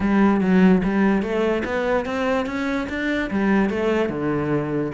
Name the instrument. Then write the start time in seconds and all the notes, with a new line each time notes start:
cello
0.00 G3
0.40 F#3
0.83 G3
1.22 A3
1.64 B3
2.05 C4
2.46 C#4
2.89 D4
3.30 G3
3.69 A3
4.09 D3